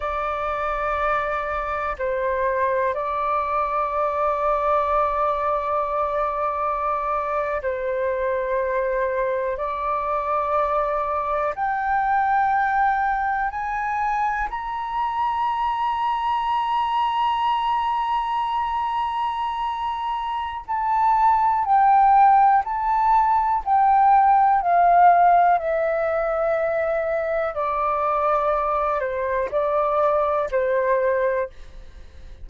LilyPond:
\new Staff \with { instrumentName = "flute" } { \time 4/4 \tempo 4 = 61 d''2 c''4 d''4~ | d''2.~ d''8. c''16~ | c''4.~ c''16 d''2 g''16~ | g''4.~ g''16 gis''4 ais''4~ ais''16~ |
ais''1~ | ais''4 a''4 g''4 a''4 | g''4 f''4 e''2 | d''4. c''8 d''4 c''4 | }